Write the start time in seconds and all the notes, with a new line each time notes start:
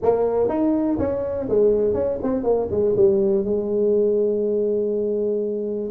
0.02 A#3
0.49 D#4
0.98 C#4
1.48 G#3
1.94 C#4
2.22 C4
2.43 A#3
2.70 G#3
2.96 G3
3.44 G#3